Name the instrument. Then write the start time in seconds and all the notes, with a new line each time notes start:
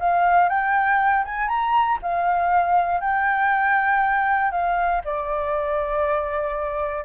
flute
0.00 F5
0.49 G5
1.25 G#5
1.48 A#5
2.03 F5
3.01 G5
4.52 F5
5.05 D5